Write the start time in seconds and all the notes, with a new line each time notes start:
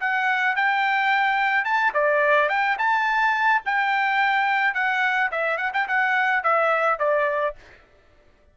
0.00 F#5
0.56 G5
1.64 A5
1.93 D5
2.49 G5
2.78 A5
3.65 G5
4.74 F#5
5.31 E5
5.57 F#5
5.73 G5
5.87 F#5
6.43 E5
6.99 D5